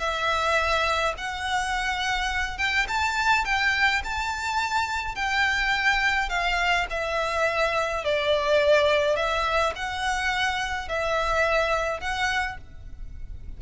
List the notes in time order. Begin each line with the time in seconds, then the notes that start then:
0.00 E5
1.18 F#5
2.58 G5
2.88 A5
3.45 G5
4.04 A5
5.16 G5
6.30 F5
6.90 E5
8.05 D5
9.16 E5
9.76 F#5
10.89 E5
12.01 F#5